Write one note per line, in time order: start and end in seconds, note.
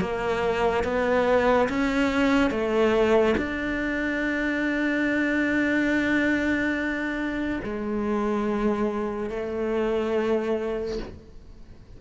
0.00 0.83 A#3
0.83 1.68 B3
1.69 2.50 C#4
2.50 3.35 A3
3.37 7.59 D4
7.64 9.30 G#3
9.30 10.99 A3